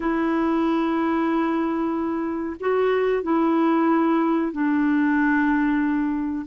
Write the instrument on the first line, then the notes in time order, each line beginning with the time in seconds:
clarinet
0.00 E4
2.60 F#4
3.23 E4
4.52 D4